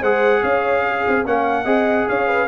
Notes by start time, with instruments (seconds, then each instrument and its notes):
0.00 tuba G#3, trombone G#4, horn C5, trumpet F#5
0.43 tuba C#4, horn C#5, trumpet F5
0.87 horn G#4
1.08 tuba C4
1.25 tuba A#3, trombone C#4, horn F5, trumpet F#5
1.65 tuba C4, trombone G#4, horn D#5
2.08 tuba C#4, horn C#5, trumpet F5
2.28 horn B4